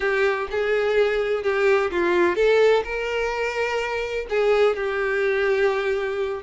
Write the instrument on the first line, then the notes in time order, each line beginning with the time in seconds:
violin
0.00 G4
0.51 G#4
1.43 G4
1.91 F4
2.35 A4
2.84 A#4
4.29 G#4
4.76 G4